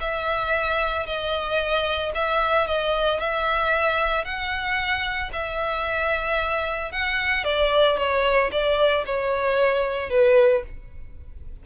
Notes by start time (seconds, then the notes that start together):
0.00 E5
1.06 D#5
2.15 E5
2.67 D#5
3.20 E5
4.25 F#5
5.33 E5
6.91 F#5
7.44 D5
7.97 C#5
8.51 D5
9.06 C#5
10.10 B4